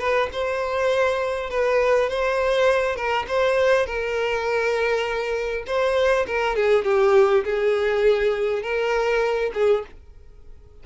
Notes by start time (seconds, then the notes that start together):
0.00 B4
0.33 C5
1.50 B4
2.10 C5
2.96 A#4
3.28 C5
3.86 A#4
5.67 C5
6.27 A#4
6.56 G#4
6.85 G4
7.45 G#4
8.63 A#4
9.55 G#4